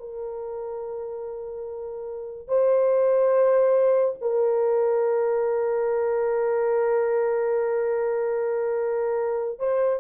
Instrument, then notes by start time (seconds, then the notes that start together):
horn
0.00 A#4
2.48 C5
4.22 A#4
9.60 C5